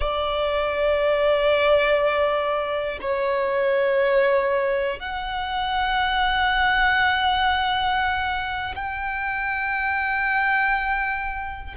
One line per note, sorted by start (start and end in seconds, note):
0.00 2.99 D5
3.00 5.00 C#5
5.00 8.75 F#5
8.75 11.75 G5